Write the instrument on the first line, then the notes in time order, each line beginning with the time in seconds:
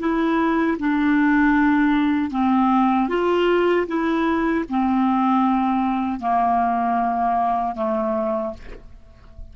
clarinet
0.00 E4
0.79 D4
2.31 C4
3.09 F4
3.87 E4
4.70 C4
6.21 A#3
7.76 A3